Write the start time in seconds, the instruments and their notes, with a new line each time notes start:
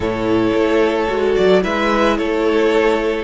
0.00 cello A2, viola E4, violin A4 C#5
0.54 cello A3
1.08 cello G#3, viola F#4
1.35 cello F#3, violin D5
1.62 cello G#3, viola E4, violin B4 E5
2.17 cello A3, violin A4 C#5